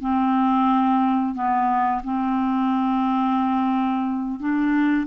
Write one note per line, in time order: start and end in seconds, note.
0.00 1.34 C4
1.34 2.02 B3
2.04 4.40 C4
4.40 5.06 D4